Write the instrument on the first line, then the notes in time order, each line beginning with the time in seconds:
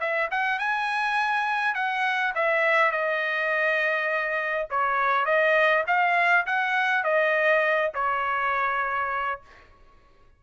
trumpet
0.00 E5
0.31 F#5
0.59 G#5
1.75 F#5
2.35 E5
2.91 D#5
4.70 C#5
5.25 D#5
5.87 F5
6.46 F#5
7.04 D#5
7.94 C#5